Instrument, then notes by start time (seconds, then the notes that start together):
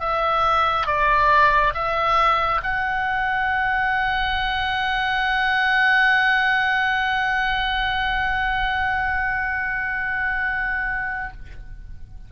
oboe
0.00 E5
0.87 D5
1.74 E5
2.63 F#5